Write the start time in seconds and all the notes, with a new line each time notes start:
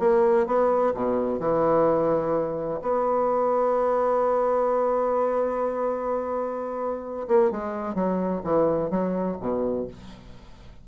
0.00 A#3
0.47 B3
0.95 B2
1.40 E3
2.83 B3
7.28 A#3
7.51 G#3
7.95 F#3
8.44 E3
8.91 F#3
9.41 B2